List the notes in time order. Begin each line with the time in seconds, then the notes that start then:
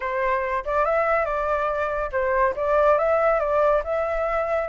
0.00 C5
0.65 D5
0.85 E5
1.25 D5
2.12 C5
2.56 D5
2.98 E5
3.39 D5
3.83 E5